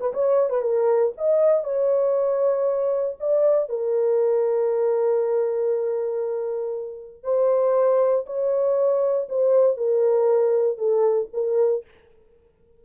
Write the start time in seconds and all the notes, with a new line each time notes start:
0.00 B4
0.13 C#5
0.49 B4
0.61 A#4
1.17 D#5
1.63 C#5
3.19 D5
3.69 A#4
7.23 C5
8.26 C#5
9.29 C5
9.77 A#4
10.78 A4
11.33 A#4